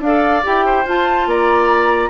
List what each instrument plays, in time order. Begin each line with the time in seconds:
0.00 bassoon D4, clarinet A4, oboe D5, flute F5
0.43 bassoon E4, clarinet G4, flute G5
0.66 oboe C5
0.85 bassoon F4, clarinet F4, flute A5
1.26 bassoon A#3, oboe D5, flute A#5